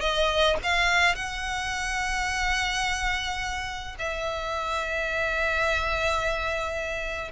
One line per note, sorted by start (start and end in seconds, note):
0.00 0.56 D#5
0.63 1.15 F5
1.15 3.95 F#5
3.98 7.31 E5